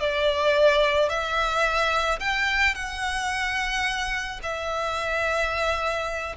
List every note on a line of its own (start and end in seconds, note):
0.00 1.09 D5
1.09 2.19 E5
2.20 2.75 G5
2.75 4.40 F#5
4.43 6.36 E5